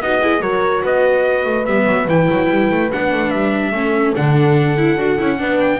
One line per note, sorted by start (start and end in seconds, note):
0.00 0.40 B3
0.00 0.21 D#4
0.00 0.21 F#4
0.00 0.42 D#5
0.21 0.41 E4
0.21 0.42 G#4
0.40 0.82 F#3
0.40 1.65 F#4
0.40 0.83 A#4
0.40 0.83 C#5
0.83 1.45 B3
0.83 3.73 B4
0.83 1.65 D#5
1.45 1.66 A3
1.65 1.86 G3
1.65 2.08 B3
1.65 2.07 E5
1.86 2.07 F#3
2.08 2.28 E3
2.08 2.91 E4
2.08 2.91 G5
2.30 2.49 F#3
2.49 2.70 G3
2.71 2.91 A3
2.92 3.12 B3
2.92 3.72 D4
2.92 3.30 F#5
3.12 3.32 A3
3.30 3.71 G3
3.30 4.13 E5
3.71 4.13 A3
3.71 4.14 C#4
3.71 5.39 A4
4.15 4.97 D3
4.15 4.77 D4
4.15 5.60 F#5
4.77 4.97 E4
4.97 5.18 D4
4.97 5.18 F#4
5.18 5.40 C#4
5.18 5.37 E4
5.37 5.80 B3
5.37 5.79 D4
5.37 5.80 B4
5.60 5.80 G5